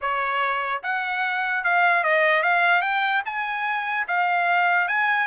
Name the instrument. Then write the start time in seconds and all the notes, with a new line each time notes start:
trumpet
0.01 C#5
0.82 F#5
1.63 F5
2.03 D#5
2.42 F5
2.81 G5
3.25 G#5
4.07 F5
4.88 G#5